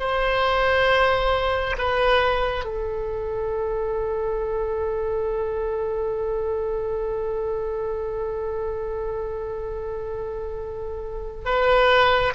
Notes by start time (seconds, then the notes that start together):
0.00 C5
1.78 B4
2.65 A4
11.45 B4